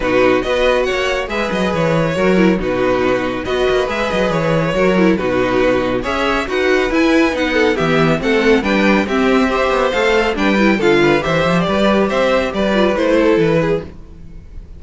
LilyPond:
<<
  \new Staff \with { instrumentName = "violin" } { \time 4/4 \tempo 4 = 139 b'4 dis''4 fis''4 e''8 dis''8 | cis''2 b'2 | dis''4 e''8 dis''8 cis''2 | b'2 e''4 fis''4 |
gis''4 fis''4 e''4 fis''4 | g''4 e''2 f''4 | g''4 f''4 e''4 d''4 | e''4 d''4 c''4 b'4 | }
  \new Staff \with { instrumentName = "violin" } { \time 4/4 fis'4 b'4 cis''4 b'4~ | b'4 ais'4 fis'2 | b'2. ais'4 | fis'2 cis''4 b'4~ |
b'4. a'8 g'4 a'4 | b'4 g'4 c''2 | b'4 a'8 b'8 c''4 b'4 | c''4 b'4. a'4 gis'8 | }
  \new Staff \with { instrumentName = "viola" } { \time 4/4 dis'4 fis'2 gis'4~ | gis'4 fis'8 e'8 dis'2 | fis'4 gis'2 fis'8 e'8 | dis'2 gis'4 fis'4 |
e'4 dis'4 b4 c'4 | d'4 c'4 g'4 a'4 | d'8 e'8 f'4 g'2~ | g'4. f'8 e'2 | }
  \new Staff \with { instrumentName = "cello" } { \time 4/4 b,4 b4 ais4 gis8 fis8 | e4 fis4 b,2 | b8 ais8 gis8 fis8 e4 fis4 | b,2 cis'4 dis'4 |
e'4 b4 e4 a4 | g4 c'4. b8 a4 | g4 d4 e8 f8 g4 | c'4 g4 a4 e4 | }
>>